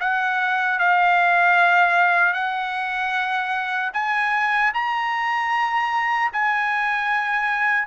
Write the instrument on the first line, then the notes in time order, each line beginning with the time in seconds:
trumpet
0.00 F#5
0.79 F5
2.33 F#5
3.93 G#5
4.74 A#5
6.33 G#5